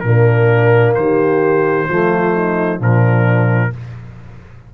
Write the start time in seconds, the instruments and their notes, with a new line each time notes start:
0.00 tuba A#2, trombone A#3, horn D4, trumpet A#4
0.94 tuba D#3, horn G4, trumpet C5
1.87 tuba F3, trombone A3, horn F4
2.33 horn D#4
2.78 tuba A#2, trombone F3, horn D4, trumpet A#4